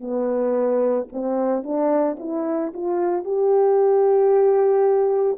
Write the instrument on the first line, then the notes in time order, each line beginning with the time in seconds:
horn
0.00 B3
1.12 C4
1.63 D4
2.19 E4
2.73 F4
3.24 G4